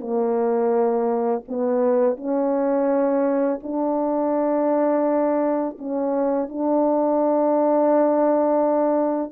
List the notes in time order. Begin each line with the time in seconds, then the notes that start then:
0.00 A#3
1.48 B3
2.17 C#4
3.63 D4
5.78 C#4
6.48 D4